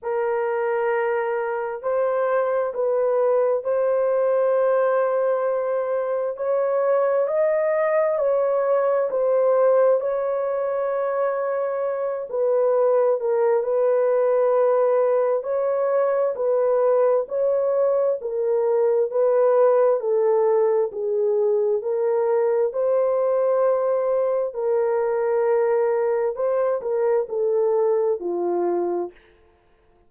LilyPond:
\new Staff \with { instrumentName = "horn" } { \time 4/4 \tempo 4 = 66 ais'2 c''4 b'4 | c''2. cis''4 | dis''4 cis''4 c''4 cis''4~ | cis''4. b'4 ais'8 b'4~ |
b'4 cis''4 b'4 cis''4 | ais'4 b'4 a'4 gis'4 | ais'4 c''2 ais'4~ | ais'4 c''8 ais'8 a'4 f'4 | }